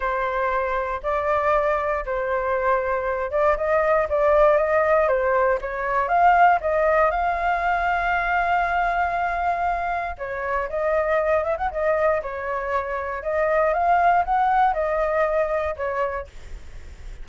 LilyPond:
\new Staff \with { instrumentName = "flute" } { \time 4/4 \tempo 4 = 118 c''2 d''2 | c''2~ c''8 d''8 dis''4 | d''4 dis''4 c''4 cis''4 | f''4 dis''4 f''2~ |
f''1 | cis''4 dis''4. e''16 fis''16 dis''4 | cis''2 dis''4 f''4 | fis''4 dis''2 cis''4 | }